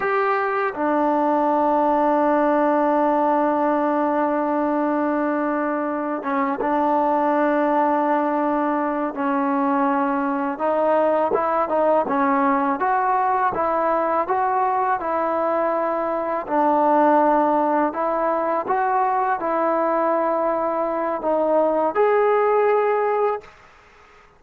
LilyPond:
\new Staff \with { instrumentName = "trombone" } { \time 4/4 \tempo 4 = 82 g'4 d'2.~ | d'1~ | d'8 cis'8 d'2.~ | d'8 cis'2 dis'4 e'8 |
dis'8 cis'4 fis'4 e'4 fis'8~ | fis'8 e'2 d'4.~ | d'8 e'4 fis'4 e'4.~ | e'4 dis'4 gis'2 | }